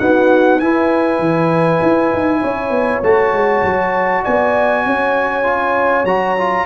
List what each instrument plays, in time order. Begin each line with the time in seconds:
0.00 trombone B3, tuba D#4, horn F#4, trumpet F#5
0.60 tuba E4, trombone E4, horn B4, trumpet G#5
1.20 tuba E3
1.83 tuba E4
2.13 tuba D#4
2.41 tuba C#4, horn C#5
2.71 tuba B3
3.03 tuba A3, trombone F#4, trumpet A5
3.33 tuba G#3
3.63 tuba F#3
4.23 tuba B3, horn D5, trumpet G#5
4.86 tuba C#4, horn C#5
5.44 trombone F4
6.05 tuba F#3, trombone F#4, trumpet A#5
6.38 trombone F4